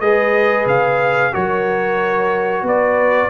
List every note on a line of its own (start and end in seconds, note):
0.00 0.66 G#3
0.00 1.32 G#4
0.00 1.33 B4
0.00 0.66 D#5
0.66 1.32 C#3
0.66 1.34 F5
1.32 2.62 F#3
1.32 3.30 F#4
1.32 2.64 A#4
1.32 2.66 C#5
2.62 3.28 B3
2.62 3.30 B4
2.62 3.30 D5